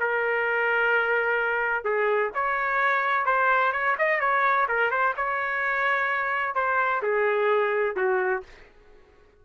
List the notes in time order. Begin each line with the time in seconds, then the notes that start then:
0.00 A#4
1.85 G#4
2.34 C#5
3.26 C5
3.72 C#5
3.98 D#5
4.20 C#5
4.69 A#4
4.91 C5
5.17 C#5
6.55 C5
7.02 G#4
7.96 F#4